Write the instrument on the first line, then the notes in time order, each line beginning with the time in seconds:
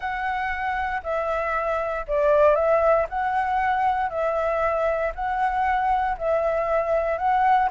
flute
0.00 F#5
1.03 E5
2.07 D5
2.55 E5
3.09 F#5
4.09 E5
5.14 F#5
6.17 E5
7.18 F#5